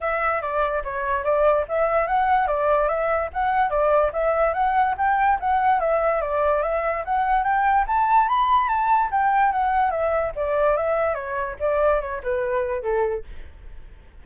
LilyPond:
\new Staff \with { instrumentName = "flute" } { \time 4/4 \tempo 4 = 145 e''4 d''4 cis''4 d''4 | e''4 fis''4 d''4 e''4 | fis''4 d''4 e''4 fis''4 | g''4 fis''4 e''4 d''4 |
e''4 fis''4 g''4 a''4 | b''4 a''4 g''4 fis''4 | e''4 d''4 e''4 cis''4 | d''4 cis''8 b'4. a'4 | }